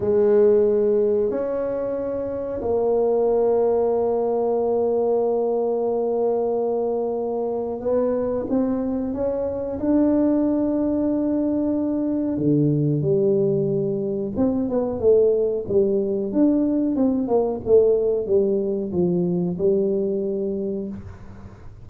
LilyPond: \new Staff \with { instrumentName = "tuba" } { \time 4/4 \tempo 4 = 92 gis2 cis'2 | ais1~ | ais1 | b4 c'4 cis'4 d'4~ |
d'2. d4 | g2 c'8 b8 a4 | g4 d'4 c'8 ais8 a4 | g4 f4 g2 | }